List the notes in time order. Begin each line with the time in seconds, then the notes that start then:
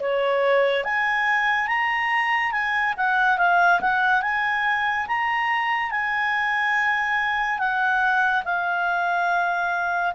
0.00 C#5
0.85 G#5
1.68 A#5
2.52 G#5
2.97 F#5
3.38 F5
3.81 F#5
4.22 G#5
5.08 A#5
5.92 G#5
7.59 F#5
8.45 F5